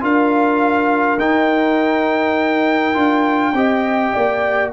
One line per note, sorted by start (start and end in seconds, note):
0.00 1.18 D4
0.00 1.18 F4
0.00 3.55 A#4
0.00 1.19 F5
1.18 2.94 D#4
1.18 4.72 G5
2.94 3.52 D4
2.94 3.52 F4
3.52 4.11 C4
3.52 4.72 G4
3.52 4.13 D#5
4.13 4.72 A#3
4.13 4.72 D5